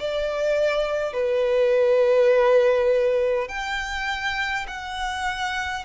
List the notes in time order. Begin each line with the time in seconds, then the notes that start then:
0.00 D5
1.13 B4
3.49 G5
4.67 F#5